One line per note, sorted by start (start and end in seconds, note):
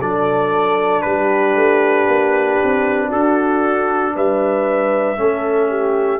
0.00 1.03 F#3
0.00 5.16 D4
0.00 1.04 A4
0.00 1.01 D5
1.01 1.55 G3
1.01 3.09 G4
1.01 3.08 B4
1.55 2.06 A3
2.07 2.59 A#3
2.63 3.13 C4
3.09 4.15 D4
3.09 4.12 F#4
3.09 4.15 A4
4.15 5.17 G3
4.15 5.18 B4
4.15 6.20 E5
5.16 6.20 A3
5.16 6.20 C#4
5.16 5.69 A4
5.69 6.20 G4